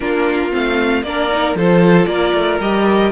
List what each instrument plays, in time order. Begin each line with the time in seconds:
0.00 cello A#3, viola D4, violin F4 A#4
0.51 cello A3, viola C4, violin F5
1.02 cello A#3, viola D4, violin A#4 D5
1.30 viola D#4
1.55 cello F3, viola F4, violin A4 C5
2.06 cello A#3, violin A#4 D5
2.33 cello A3
2.60 cello G3, viola G4, violin D#5